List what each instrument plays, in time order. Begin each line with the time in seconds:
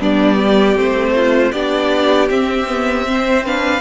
0.00 cello G3, viola B3, violin D4 D5
0.36 violin G4
0.75 cello A3, viola C4, violin C5
1.16 violin F4
1.52 cello B3, viola D4, violin G4 D5
2.29 viola C4, cello C4, violin E5
2.67 viola B3
3.07 viola C4, violin C5
3.46 viola D4, violin B4 F5